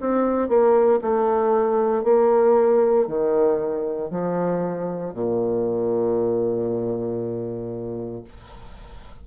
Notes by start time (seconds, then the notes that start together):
0.00 C4
0.48 A#3
1.01 A3
2.03 A#3
3.07 D#3
4.10 F3
5.13 A#2